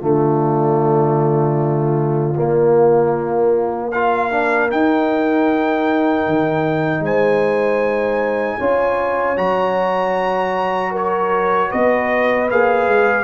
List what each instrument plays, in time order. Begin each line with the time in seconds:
0.00 tuba D3, trombone A3, horn F4, trumpet D5
2.36 trombone A#3, tuba A#3
3.92 trombone F4, horn A#4, trumpet F5
4.31 trombone D4
4.71 trombone D#4, tuba D#4, trumpet G5
6.27 tuba D#3
7.00 tuba G#3, horn C5, trumpet G#5
8.59 tuba C#4, trombone F4, horn C#5
9.37 tuba F#3, trombone F#4, trumpet A#5
10.92 horn A#4, trumpet C#5
11.69 tuba B3, horn B4, trumpet D#5
12.51 tuba A#3, trombone G#4, trumpet F5
12.87 tuba G#3